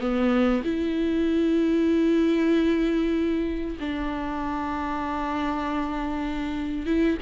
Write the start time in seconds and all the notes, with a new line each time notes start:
0.00 B3
0.64 E4
3.80 D4
6.86 E4